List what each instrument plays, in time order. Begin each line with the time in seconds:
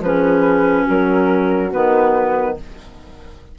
0.00 bassoon F3, clarinet C#4, horn G#4, flute B4
0.84 bassoon F#3, horn F#4, flute A#4
1.71 bassoon D#3, clarinet B3, flute B4